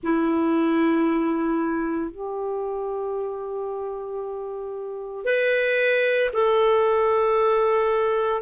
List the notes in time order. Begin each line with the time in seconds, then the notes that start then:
0.03 E4
2.11 G4
5.24 B4
6.33 A4